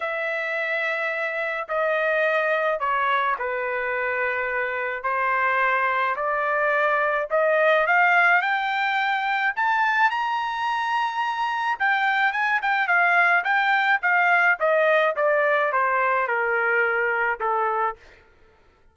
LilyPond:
\new Staff \with { instrumentName = "trumpet" } { \time 4/4 \tempo 4 = 107 e''2. dis''4~ | dis''4 cis''4 b'2~ | b'4 c''2 d''4~ | d''4 dis''4 f''4 g''4~ |
g''4 a''4 ais''2~ | ais''4 g''4 gis''8 g''8 f''4 | g''4 f''4 dis''4 d''4 | c''4 ais'2 a'4 | }